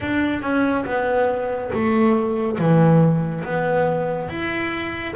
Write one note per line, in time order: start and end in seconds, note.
0.00 0.42 D4
0.42 0.85 C#4
0.85 1.71 B3
1.73 2.58 A3
2.58 3.44 E3
3.44 4.29 B3
4.29 5.14 E4